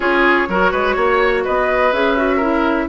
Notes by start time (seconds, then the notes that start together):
0.00 C#4 F4 G#4 C#5
0.48 F#3 F#4 A#4
0.71 G#3 B4
0.95 A#3 C#5
1.44 B3 B4 D#5
1.92 C#4 G#4 E5
2.16 F#4
2.36 E4 A#4